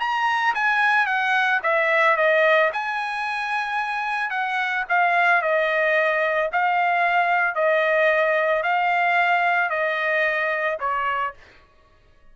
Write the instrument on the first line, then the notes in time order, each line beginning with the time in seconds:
trumpet
0.00 A#5
0.55 G#5
1.06 F#5
1.63 E5
2.16 D#5
2.73 G#5
4.30 F#5
4.89 F5
5.42 D#5
6.52 F5
7.55 D#5
8.63 F5
9.70 D#5
10.80 C#5